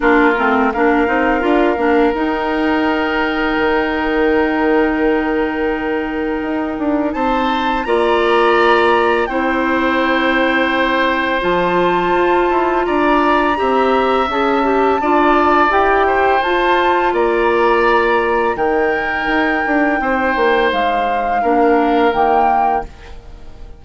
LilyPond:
<<
  \new Staff \with { instrumentName = "flute" } { \time 4/4 \tempo 4 = 84 ais'4 f''2 g''4~ | g''1~ | g''2 a''4 ais''4~ | ais''4 g''2. |
a''2 ais''2 | a''2 g''4 a''4 | ais''2 g''2~ | g''4 f''2 g''4 | }
  \new Staff \with { instrumentName = "oboe" } { \time 4/4 f'4 ais'2.~ | ais'1~ | ais'2 c''4 d''4~ | d''4 c''2.~ |
c''2 d''4 e''4~ | e''4 d''4. c''4. | d''2 ais'2 | c''2 ais'2 | }
  \new Staff \with { instrumentName = "clarinet" } { \time 4/4 d'8 c'8 d'8 dis'8 f'8 d'8 dis'4~ | dis'1~ | dis'2. f'4~ | f'4 e'2. |
f'2. g'4 | gis'8 g'8 f'4 g'4 f'4~ | f'2 dis'2~ | dis'2 d'4 ais4 | }
  \new Staff \with { instrumentName = "bassoon" } { \time 4/4 ais8 a8 ais8 c'8 d'8 ais8 dis'4~ | dis'4 dis2.~ | dis4 dis'8 d'8 c'4 ais4~ | ais4 c'2. |
f4 f'8 e'8 d'4 c'4 | cis'4 d'4 e'4 f'4 | ais2 dis4 dis'8 d'8 | c'8 ais8 gis4 ais4 dis4 | }
>>